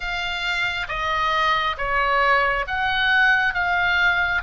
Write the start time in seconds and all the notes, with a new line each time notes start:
0.00 F5
0.88 D#5
1.77 C#5
2.67 F#5
3.54 F5